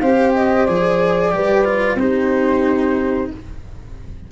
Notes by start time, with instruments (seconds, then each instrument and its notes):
0.00 tuba C4, cello G4, horn C5, flute F5
0.34 flute D#5
0.66 tuba F3, cello G#4, flute D5
1.32 tuba G3, cello G4, horn B4
1.65 cello F4
1.95 tuba C4, cello D#4, horn G4, flute C5